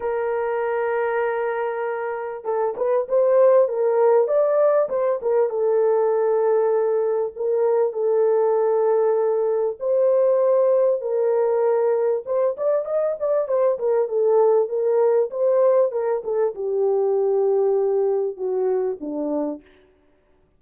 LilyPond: \new Staff \with { instrumentName = "horn" } { \time 4/4 \tempo 4 = 98 ais'1 | a'8 b'8 c''4 ais'4 d''4 | c''8 ais'8 a'2. | ais'4 a'2. |
c''2 ais'2 | c''8 d''8 dis''8 d''8 c''8 ais'8 a'4 | ais'4 c''4 ais'8 a'8 g'4~ | g'2 fis'4 d'4 | }